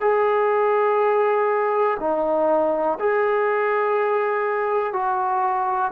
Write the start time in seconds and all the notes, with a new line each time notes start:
0.00 G#4
1.99 D#4
2.99 G#4
4.93 F#4